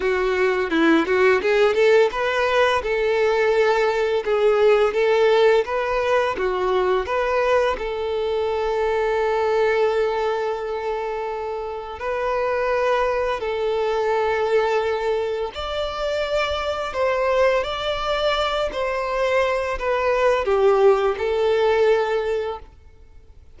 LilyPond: \new Staff \with { instrumentName = "violin" } { \time 4/4 \tempo 4 = 85 fis'4 e'8 fis'8 gis'8 a'8 b'4 | a'2 gis'4 a'4 | b'4 fis'4 b'4 a'4~ | a'1~ |
a'4 b'2 a'4~ | a'2 d''2 | c''4 d''4. c''4. | b'4 g'4 a'2 | }